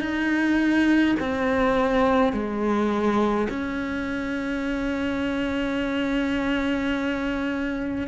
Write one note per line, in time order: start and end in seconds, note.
0.00 1.15 D#4
1.20 2.32 C4
2.32 3.48 G#3
3.49 8.08 C#4